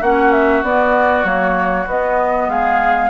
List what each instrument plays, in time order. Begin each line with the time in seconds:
0.00 bassoon A#3, clarinet C#4, oboe F#4, flute F#5
0.32 flute E5
0.63 bassoon B3, clarinet B3, flute D5
1.23 bassoon F#3, clarinet A#3, flute C#5
1.86 bassoon B3, clarinet B3, flute D#5
2.48 bassoon G#3, oboe G#4, flute F5